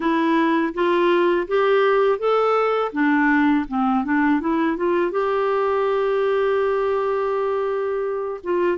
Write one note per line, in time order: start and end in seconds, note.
0.00 0.73 E4
0.74 1.47 F4
1.47 2.19 G4
2.19 2.92 A4
2.92 3.65 D4
3.68 4.04 C4
4.04 4.40 D4
4.40 4.76 E4
4.76 5.11 F4
5.11 8.40 G4
8.43 8.77 F4